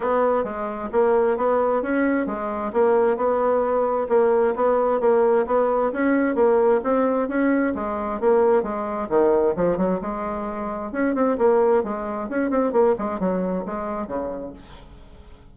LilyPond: \new Staff \with { instrumentName = "bassoon" } { \time 4/4 \tempo 4 = 132 b4 gis4 ais4 b4 | cis'4 gis4 ais4 b4~ | b4 ais4 b4 ais4 | b4 cis'4 ais4 c'4 |
cis'4 gis4 ais4 gis4 | dis4 f8 fis8 gis2 | cis'8 c'8 ais4 gis4 cis'8 c'8 | ais8 gis8 fis4 gis4 cis4 | }